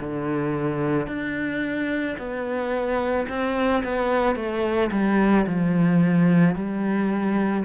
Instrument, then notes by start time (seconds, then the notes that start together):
cello
0.00 D3
1.07 D4
2.18 B3
3.28 C4
3.83 B3
4.35 A3
4.91 G3
5.46 F3
6.55 G3